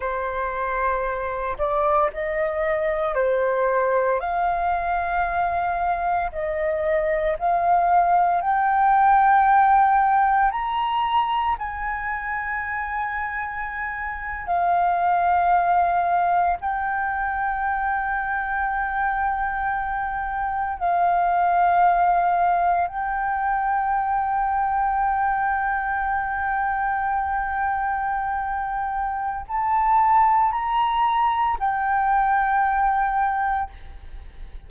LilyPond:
\new Staff \with { instrumentName = "flute" } { \time 4/4 \tempo 4 = 57 c''4. d''8 dis''4 c''4 | f''2 dis''4 f''4 | g''2 ais''4 gis''4~ | gis''4.~ gis''16 f''2 g''16~ |
g''2.~ g''8. f''16~ | f''4.~ f''16 g''2~ g''16~ | g''1 | a''4 ais''4 g''2 | }